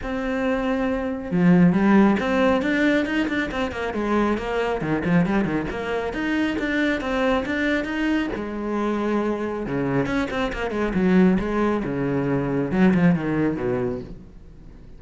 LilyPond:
\new Staff \with { instrumentName = "cello" } { \time 4/4 \tempo 4 = 137 c'2. f4 | g4 c'4 d'4 dis'8 d'8 | c'8 ais8 gis4 ais4 dis8 f8 | g8 dis8 ais4 dis'4 d'4 |
c'4 d'4 dis'4 gis4~ | gis2 cis4 cis'8 c'8 | ais8 gis8 fis4 gis4 cis4~ | cis4 fis8 f8 dis4 b,4 | }